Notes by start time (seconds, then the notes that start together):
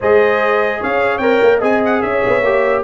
0.00 G#3 G#4 C5 D#5
0.80 C#4 C#5 F5
1.18 C4 A#4 G5
1.42 A#3
1.58 C4 G#4 D#5 G#5
1.85 F#5
2.02 C#4 C#5 E5
2.26 B3
2.42 A#3 G4